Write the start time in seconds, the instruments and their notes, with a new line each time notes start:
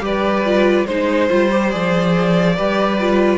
0.00 cello G3, viola G4, violin B4 D5
0.45 viola F4
0.86 cello G#3, viola D#4, violin C5
1.30 cello G3, viola F4
1.51 viola G4
1.71 cello F3, viola G#4, violin D5
2.56 cello G3, viola G4, violin B4
3.00 viola F4